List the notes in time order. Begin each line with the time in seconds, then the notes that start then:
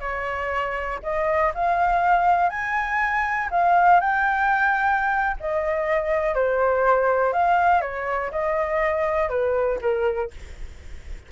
0.00 C#5
1.03 D#5
1.54 F5
2.49 G#5
3.50 F5
4.00 G5
5.40 D#5
6.34 C5
7.33 F5
7.81 C#5
8.31 D#5
9.29 B4
9.81 A#4